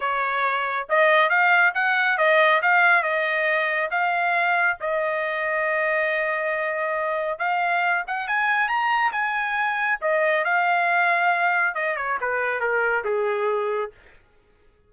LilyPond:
\new Staff \with { instrumentName = "trumpet" } { \time 4/4 \tempo 4 = 138 cis''2 dis''4 f''4 | fis''4 dis''4 f''4 dis''4~ | dis''4 f''2 dis''4~ | dis''1~ |
dis''4 f''4. fis''8 gis''4 | ais''4 gis''2 dis''4 | f''2. dis''8 cis''8 | b'4 ais'4 gis'2 | }